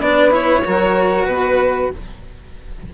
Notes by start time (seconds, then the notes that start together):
0.00 B3 D4 B4 D5
0.31 E4 C#5
0.64 F#3 F#4 A#4
1.26 B2 B4